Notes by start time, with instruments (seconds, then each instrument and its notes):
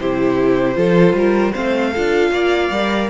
0.00 cello C3, viola E4, violin G4 C5
0.75 cello F3, viola F4, violin A4
1.13 cello G3, violin A#4
1.53 cello A3, viola C4, violin C5 F5
1.93 cello D4, viola F4, violin A4
2.31 cello A#3, violin D5
2.71 cello G3, viola A#4